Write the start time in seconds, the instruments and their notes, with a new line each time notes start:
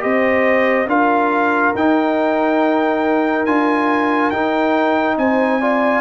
0.00 tuba C4, trombone G4, horn C5, trumpet D#5
0.87 tuba D4, trombone F4, horn A#4, trumpet F5
1.75 tuba D#4, trombone D#4, trumpet G5
3.46 tuba D4, trombone F4, trumpet G#5
4.31 tuba D#4, trombone D#4, trumpet G5
5.18 tuba C4, horn C5, trumpet G#5
5.61 trombone F4, horn D5